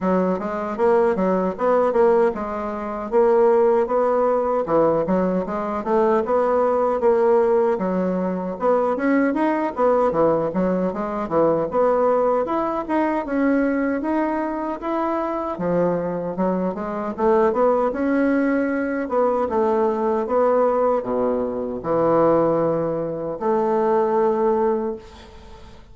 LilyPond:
\new Staff \with { instrumentName = "bassoon" } { \time 4/4 \tempo 4 = 77 fis8 gis8 ais8 fis8 b8 ais8 gis4 | ais4 b4 e8 fis8 gis8 a8 | b4 ais4 fis4 b8 cis'8 | dis'8 b8 e8 fis8 gis8 e8 b4 |
e'8 dis'8 cis'4 dis'4 e'4 | f4 fis8 gis8 a8 b8 cis'4~ | cis'8 b8 a4 b4 b,4 | e2 a2 | }